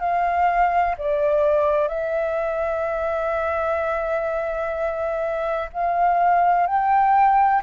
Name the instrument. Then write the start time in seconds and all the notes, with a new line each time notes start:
flute
0.00 F5
0.98 D5
1.88 E5
5.73 F5
6.67 G5